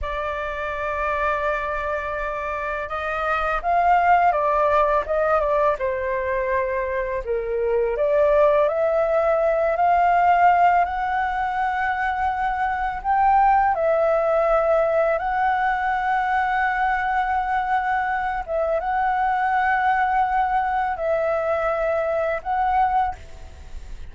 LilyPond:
\new Staff \with { instrumentName = "flute" } { \time 4/4 \tempo 4 = 83 d''1 | dis''4 f''4 d''4 dis''8 d''8 | c''2 ais'4 d''4 | e''4. f''4. fis''4~ |
fis''2 g''4 e''4~ | e''4 fis''2.~ | fis''4. e''8 fis''2~ | fis''4 e''2 fis''4 | }